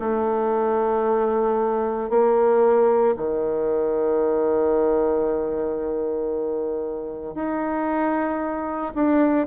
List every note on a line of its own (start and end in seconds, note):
0.00 2.10 A3
2.10 3.15 A#3
3.17 7.35 D#3
7.35 8.93 D#4
8.95 9.47 D4